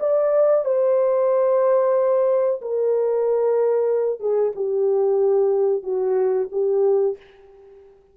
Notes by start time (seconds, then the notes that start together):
0.00 D5
0.65 C5
2.62 A#4
4.20 G#4
4.55 G4
5.83 F#4
6.52 G4